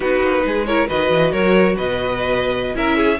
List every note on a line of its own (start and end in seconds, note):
0.00 0.21 B3
0.00 0.66 D#4
0.00 0.43 F#4
0.00 0.65 B4
0.22 0.44 A#3
0.45 0.89 G#3
0.45 0.66 G#4
0.65 0.88 E4
0.65 0.88 A#4
0.65 0.87 C#5
0.88 1.10 D#3
0.88 2.74 F#4
0.88 1.31 B4
0.88 1.32 D#5
1.10 1.32 E3
1.31 1.77 F#3
1.31 1.75 A#4
1.31 1.76 C#5
1.76 2.75 B2
1.76 2.75 B4
1.76 2.76 D#5
2.74 3.19 C#4
2.74 3.18 E4
2.74 2.96 A#4
2.74 3.20 E5
2.96 3.18 G#4